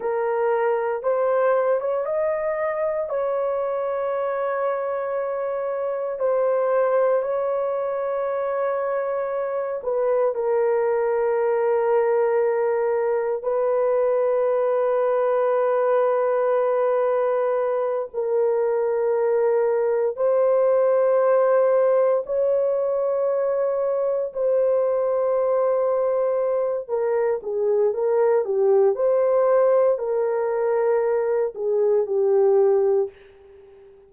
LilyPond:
\new Staff \with { instrumentName = "horn" } { \time 4/4 \tempo 4 = 58 ais'4 c''8. cis''16 dis''4 cis''4~ | cis''2 c''4 cis''4~ | cis''4. b'8 ais'2~ | ais'4 b'2.~ |
b'4. ais'2 c''8~ | c''4. cis''2 c''8~ | c''2 ais'8 gis'8 ais'8 g'8 | c''4 ais'4. gis'8 g'4 | }